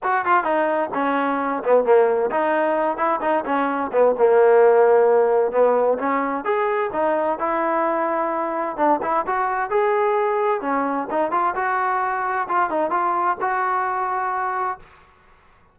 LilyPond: \new Staff \with { instrumentName = "trombone" } { \time 4/4 \tempo 4 = 130 fis'8 f'8 dis'4 cis'4. b8 | ais4 dis'4. e'8 dis'8 cis'8~ | cis'8 b8 ais2. | b4 cis'4 gis'4 dis'4 |
e'2. d'8 e'8 | fis'4 gis'2 cis'4 | dis'8 f'8 fis'2 f'8 dis'8 | f'4 fis'2. | }